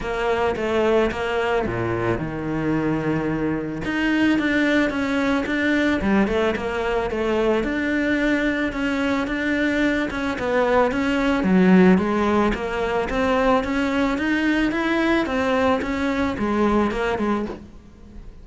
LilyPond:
\new Staff \with { instrumentName = "cello" } { \time 4/4 \tempo 4 = 110 ais4 a4 ais4 ais,4 | dis2. dis'4 | d'4 cis'4 d'4 g8 a8 | ais4 a4 d'2 |
cis'4 d'4. cis'8 b4 | cis'4 fis4 gis4 ais4 | c'4 cis'4 dis'4 e'4 | c'4 cis'4 gis4 ais8 gis8 | }